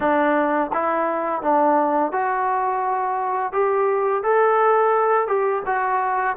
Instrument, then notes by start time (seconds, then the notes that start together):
trombone
0.00 D4
0.73 E4
1.41 D4
2.12 F#4
3.52 G4
4.23 A4
5.27 G4
5.65 F#4